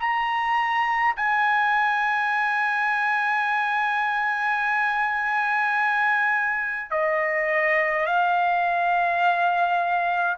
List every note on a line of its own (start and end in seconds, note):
0.00 1.15 A#5
1.17 6.91 G#5
6.91 8.07 D#5
8.07 10.37 F5